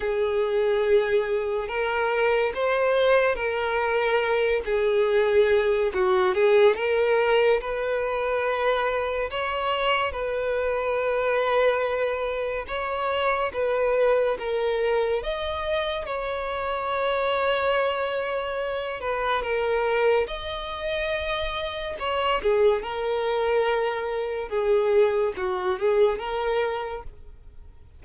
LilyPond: \new Staff \with { instrumentName = "violin" } { \time 4/4 \tempo 4 = 71 gis'2 ais'4 c''4 | ais'4. gis'4. fis'8 gis'8 | ais'4 b'2 cis''4 | b'2. cis''4 |
b'4 ais'4 dis''4 cis''4~ | cis''2~ cis''8 b'8 ais'4 | dis''2 cis''8 gis'8 ais'4~ | ais'4 gis'4 fis'8 gis'8 ais'4 | }